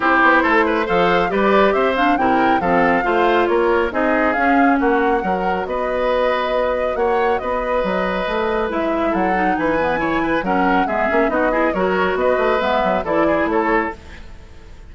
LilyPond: <<
  \new Staff \with { instrumentName = "flute" } { \time 4/4 \tempo 4 = 138 c''2 f''4 d''4 | e''8 f''8 g''4 f''2 | cis''4 dis''4 f''4 fis''4~ | fis''4 dis''2. |
fis''4 dis''2. | e''4 fis''4 gis''2 | fis''4 e''4 dis''4 cis''4 | dis''4 e''4 d''4 cis''4 | }
  \new Staff \with { instrumentName = "oboe" } { \time 4/4 g'4 a'8 b'8 c''4 b'4 | c''4 ais'4 a'4 c''4 | ais'4 gis'2 fis'4 | ais'4 b'2. |
cis''4 b'2.~ | b'4 a'4 b'4 cis''8 b'8 | ais'4 gis'4 fis'8 gis'8 ais'4 | b'2 a'8 gis'8 a'4 | }
  \new Staff \with { instrumentName = "clarinet" } { \time 4/4 e'2 a'4 g'4~ | g'8 d'8 e'4 c'4 f'4~ | f'4 dis'4 cis'2 | fis'1~ |
fis'1 | e'4. dis'4 b8 e'4 | cis'4 b8 cis'8 dis'8 e'8 fis'4~ | fis'4 b4 e'2 | }
  \new Staff \with { instrumentName = "bassoon" } { \time 4/4 c'8 b8 a4 f4 g4 | c'4 c4 f4 a4 | ais4 c'4 cis'4 ais4 | fis4 b2. |
ais4 b4 fis4 a4 | gis4 fis4 e2 | fis4 gis8 ais8 b4 fis4 | b8 a8 gis8 fis8 e4 a4 | }
>>